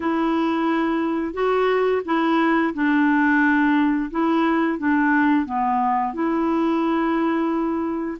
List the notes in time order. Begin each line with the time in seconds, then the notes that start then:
0.00 E4
1.33 F#4
2.05 E4
2.74 D4
4.10 E4
4.78 D4
5.45 B3
6.13 E4